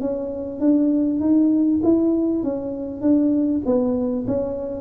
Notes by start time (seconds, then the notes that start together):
0.00 C#4
0.60 D4
1.20 D#4
1.83 E4
2.43 C#4
3.01 D4
3.65 B3
4.27 C#4